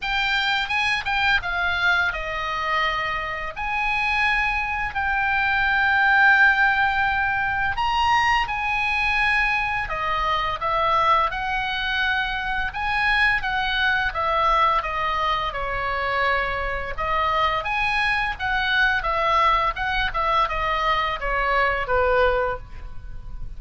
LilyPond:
\new Staff \with { instrumentName = "oboe" } { \time 4/4 \tempo 4 = 85 g''4 gis''8 g''8 f''4 dis''4~ | dis''4 gis''2 g''4~ | g''2. ais''4 | gis''2 dis''4 e''4 |
fis''2 gis''4 fis''4 | e''4 dis''4 cis''2 | dis''4 gis''4 fis''4 e''4 | fis''8 e''8 dis''4 cis''4 b'4 | }